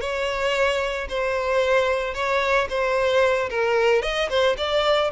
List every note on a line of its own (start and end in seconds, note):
0.00 1.07 C#5
1.08 2.14 C5
2.14 2.67 C#5
2.69 3.49 C5
3.49 4.02 A#4
4.02 4.29 D#5
4.29 4.56 C5
4.57 5.11 D5